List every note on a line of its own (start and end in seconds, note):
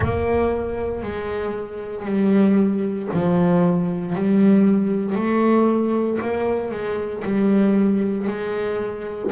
0.00 1.02 A#3
1.02 2.05 G#3
2.05 3.08 G3
3.13 4.15 F3
4.15 5.15 G3
5.15 6.18 A3
6.21 6.71 A#3
6.71 7.23 G#3
7.24 8.27 G3
8.27 9.31 G#3